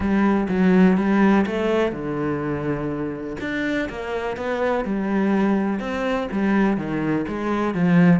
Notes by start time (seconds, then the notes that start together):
0.00 G3
0.49 F#3
0.97 G3
1.46 A3
1.91 D3
3.40 D4
3.89 A#3
4.37 B3
4.84 G3
5.79 C4
6.31 G3
6.77 D#3
7.28 G#3
7.74 F3